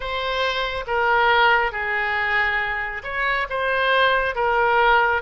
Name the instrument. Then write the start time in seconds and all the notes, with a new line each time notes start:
oboe
0.00 C5
0.87 A#4
1.72 G#4
3.03 C#5
3.49 C5
4.35 A#4